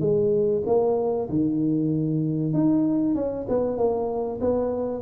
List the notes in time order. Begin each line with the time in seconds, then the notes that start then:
0.00 G#3
0.66 A#3
1.29 D#3
2.53 D#4
3.15 C#4
3.49 B3
3.77 A#3
4.41 B3